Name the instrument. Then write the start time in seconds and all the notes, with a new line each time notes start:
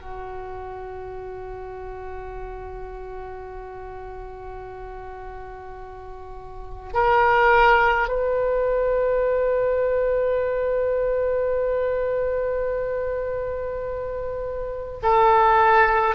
oboe
0.00 F#4
6.93 A#4
8.08 B4
15.02 A4